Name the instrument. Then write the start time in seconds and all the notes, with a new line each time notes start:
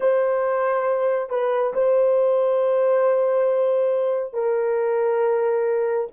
horn
0.00 C5
1.29 B4
1.74 C5
4.33 A#4